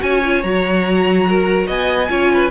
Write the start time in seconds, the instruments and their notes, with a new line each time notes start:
0.00 cello C#4, viola F#4, violin C#5 G#5
0.26 viola F4
0.43 cello F#3, viola F#4, violin A#5
1.29 violin A#4
1.68 cello B3, violin D#5 G#5
2.09 cello C#4, viola F4, violin C#5
2.34 violin B4